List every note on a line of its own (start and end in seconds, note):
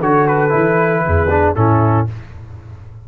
0.00 0.52 D3
0.00 0.49 F#4
0.00 1.03 A4
0.00 0.27 C#5
0.27 1.55 B4
0.49 1.06 E3
0.49 1.27 E4
1.06 1.56 E2
1.06 1.55 G#4
1.30 1.55 D4
1.55 2.08 A2
1.55 2.07 C#4
1.55 2.07 E4
1.55 2.07 A4